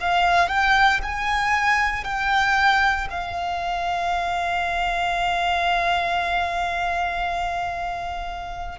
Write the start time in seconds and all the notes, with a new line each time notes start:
0.00 F5
0.48 G5
1.03 G#5
2.04 G5
3.09 F5